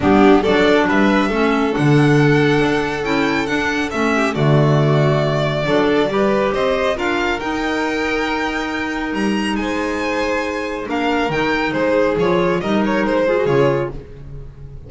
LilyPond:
<<
  \new Staff \with { instrumentName = "violin" } { \time 4/4 \tempo 4 = 138 g'4 d''4 e''2 | fis''2. g''4 | fis''4 e''4 d''2~ | d''2. dis''4 |
f''4 g''2.~ | g''4 ais''4 gis''2~ | gis''4 f''4 g''4 c''4 | cis''4 dis''8 cis''8 c''4 cis''4 | }
  \new Staff \with { instrumentName = "violin" } { \time 4/4 d'4 a'4 b'4 a'4~ | a'1~ | a'4. g'8 fis'2~ | fis'4 a'4 b'4 c''4 |
ais'1~ | ais'2 c''2~ | c''4 ais'2 gis'4~ | gis'4 ais'4. gis'4. | }
  \new Staff \with { instrumentName = "clarinet" } { \time 4/4 b4 d'2 cis'4 | d'2. e'4 | d'4 cis'4 a2~ | a4 d'4 g'2 |
f'4 dis'2.~ | dis'1~ | dis'4 d'4 dis'2 | f'4 dis'4. f'16 fis'16 f'4 | }
  \new Staff \with { instrumentName = "double bass" } { \time 4/4 g4 fis4 g4 a4 | d2 d'4 cis'4 | d'4 a4 d2~ | d4 fis4 g4 c'4 |
d'4 dis'2.~ | dis'4 g4 gis2~ | gis4 ais4 dis4 gis4 | f4 g4 gis4 cis4 | }
>>